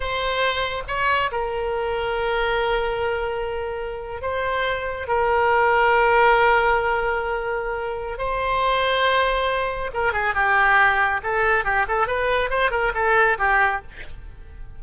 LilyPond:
\new Staff \with { instrumentName = "oboe" } { \time 4/4 \tempo 4 = 139 c''2 cis''4 ais'4~ | ais'1~ | ais'4.~ ais'16 c''2 ais'16~ | ais'1~ |
ais'2. c''4~ | c''2. ais'8 gis'8 | g'2 a'4 g'8 a'8 | b'4 c''8 ais'8 a'4 g'4 | }